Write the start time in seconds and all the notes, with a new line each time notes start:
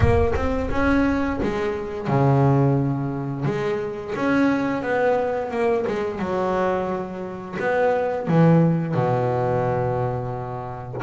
0.00 A#3
0.35 C4
0.70 C#4
1.42 G#3
2.07 C#3
3.45 G#3
4.15 C#4
4.82 B3
5.50 A#3
5.87 G#3
6.19 F#3
7.59 B3
8.27 E3
8.94 B2